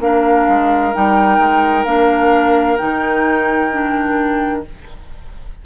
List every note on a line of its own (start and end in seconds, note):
0.00 0.46 A#3
0.00 0.93 D4
0.00 4.64 A#4
0.00 0.94 F5
0.48 0.94 G#3
0.93 1.39 G3
0.93 1.85 D#4
0.93 1.85 G5
1.39 1.85 G#3
1.85 2.78 A#3
1.85 2.78 D4
1.85 2.77 F5
2.77 4.66 D#3
2.77 3.70 D#4
2.77 4.62 G5
3.72 4.65 D4